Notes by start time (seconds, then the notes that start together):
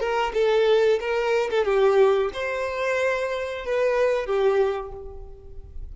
0.00 A#4
0.34 A4
1.00 A#4
1.50 A4
1.65 G4
2.33 C5
3.66 B4
4.26 G4